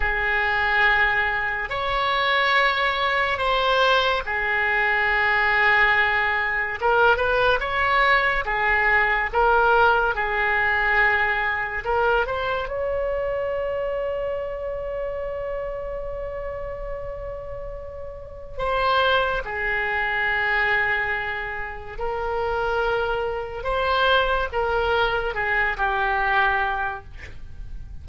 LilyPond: \new Staff \with { instrumentName = "oboe" } { \time 4/4 \tempo 4 = 71 gis'2 cis''2 | c''4 gis'2. | ais'8 b'8 cis''4 gis'4 ais'4 | gis'2 ais'8 c''8 cis''4~ |
cis''1~ | cis''2 c''4 gis'4~ | gis'2 ais'2 | c''4 ais'4 gis'8 g'4. | }